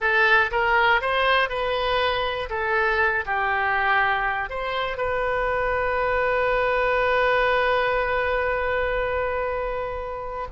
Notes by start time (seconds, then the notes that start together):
0.00 A4
0.51 A#4
1.01 C5
1.49 B4
2.49 A4
3.25 G4
4.49 C5
4.97 B4